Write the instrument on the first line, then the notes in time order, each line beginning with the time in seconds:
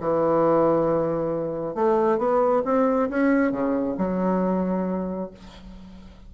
bassoon
0.00 E3
1.75 A3
2.18 B3
2.64 C4
3.09 C#4
3.51 C#3
3.97 F#3